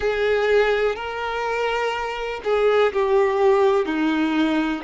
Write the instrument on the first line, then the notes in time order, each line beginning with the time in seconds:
violin
0.00 G#4
0.95 A#4
2.44 G#4
2.93 G4
3.85 D#4